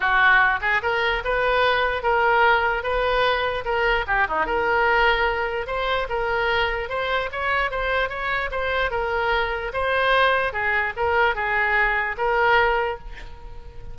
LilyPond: \new Staff \with { instrumentName = "oboe" } { \time 4/4 \tempo 4 = 148 fis'4. gis'8 ais'4 b'4~ | b'4 ais'2 b'4~ | b'4 ais'4 g'8 dis'8 ais'4~ | ais'2 c''4 ais'4~ |
ais'4 c''4 cis''4 c''4 | cis''4 c''4 ais'2 | c''2 gis'4 ais'4 | gis'2 ais'2 | }